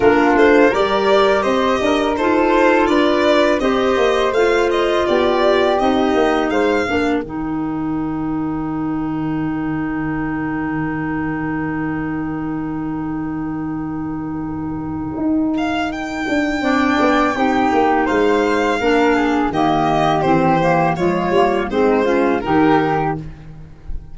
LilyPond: <<
  \new Staff \with { instrumentName = "violin" } { \time 4/4 \tempo 4 = 83 ais'8 c''8 d''4 dis''4 c''4 | d''4 dis''4 f''8 dis''8 d''4 | dis''4 f''4 g''2~ | g''1~ |
g''1~ | g''4. f''8 g''2~ | g''4 f''2 dis''4 | c''4 cis''4 c''4 ais'4 | }
  \new Staff \with { instrumentName = "flute" } { \time 4/4 f'4 ais'4 c''8 ais'8 a'4 | b'4 c''2 g'4~ | g'4 c''8 ais'2~ ais'8~ | ais'1~ |
ais'1~ | ais'2. d''4 | g'4 c''4 ais'8 gis'8 g'4~ | g'4 f'4 dis'8 f'8 g'4 | }
  \new Staff \with { instrumentName = "clarinet" } { \time 4/4 d'4 g'2 f'4~ | f'4 g'4 f'2 | dis'4. d'8 dis'2~ | dis'1~ |
dis'1~ | dis'2. d'4 | dis'2 d'4 ais4 | c'8 ais8 gis8 ais8 c'8 cis'8 dis'4 | }
  \new Staff \with { instrumentName = "tuba" } { \time 4/4 ais8 a8 g4 c'8 d'8 dis'4 | d'4 c'8 ais8 a4 b4 | c'8 ais8 gis8 ais8 dis2~ | dis1~ |
dis1~ | dis4 dis'4. d'8 c'8 b8 | c'8 ais8 gis4 ais4 dis4 | e4 f8 g8 gis4 dis4 | }
>>